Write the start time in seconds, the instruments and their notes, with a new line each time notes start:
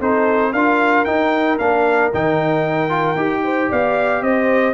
0.00 tuba C4, trombone D#4, horn A4, trumpet C5
0.53 tuba D4, trombone F4, horn A#4, trumpet F5
1.05 tuba D#4, trombone D#4, trumpet G5
1.58 tuba A#3, trombone D4, trumpet F5
2.14 tuba D#3, trombone D#4, trumpet G5
2.89 trombone F4
3.16 tuba D#4, trombone G4
3.43 horn C5
3.70 tuba B3, horn D5, trumpet F5
4.22 tuba C4, horn C5, trumpet D#5